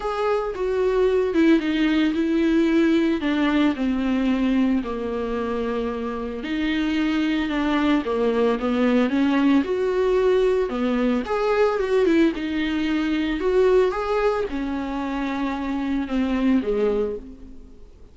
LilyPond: \new Staff \with { instrumentName = "viola" } { \time 4/4 \tempo 4 = 112 gis'4 fis'4. e'8 dis'4 | e'2 d'4 c'4~ | c'4 ais2. | dis'2 d'4 ais4 |
b4 cis'4 fis'2 | b4 gis'4 fis'8 e'8 dis'4~ | dis'4 fis'4 gis'4 cis'4~ | cis'2 c'4 gis4 | }